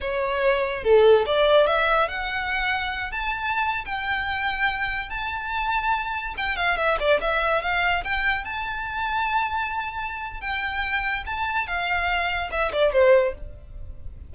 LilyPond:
\new Staff \with { instrumentName = "violin" } { \time 4/4 \tempo 4 = 144 cis''2 a'4 d''4 | e''4 fis''2~ fis''8 a''8~ | a''4~ a''16 g''2~ g''8.~ | g''16 a''2. g''8 f''16~ |
f''16 e''8 d''8 e''4 f''4 g''8.~ | g''16 a''2.~ a''8.~ | a''4 g''2 a''4 | f''2 e''8 d''8 c''4 | }